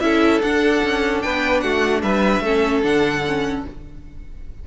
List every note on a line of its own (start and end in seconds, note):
0.00 0.42 C#4
0.00 0.41 E4
0.00 1.23 A4
0.00 0.41 E5
0.42 0.83 D4
0.42 2.45 D4
0.42 1.22 F#5
0.83 1.24 C#4
1.22 1.63 B3
1.22 1.64 B4
1.22 1.60 G5
1.60 2.03 A3
1.60 2.02 F#4
1.60 2.01 F#5
2.02 2.40 G3
2.02 2.43 B4
2.02 2.83 E5
2.40 2.81 A3
2.40 2.82 C#4
2.40 3.65 A4
2.82 3.65 D3
2.82 3.23 D4
2.82 3.65 F#5
3.26 3.67 C#4